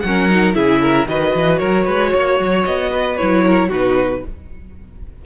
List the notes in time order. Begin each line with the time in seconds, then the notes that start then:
0.00 F#3 C#4 F#5
0.06 A#4
0.30 D#4
0.53 C#3 E4 G#4 E5
0.81 A#4
1.06 D#3 F#4 B4 D#5
1.35 E3
1.58 F#3 A#4 C#5
1.85 G#3 B4
2.11 A#3 C#5
2.39 F#3
2.65 B3 D#5
2.92 B4
3.17 F#3 E4 C#5
3.46 A#4
3.68 B2 D#4 F#4 B4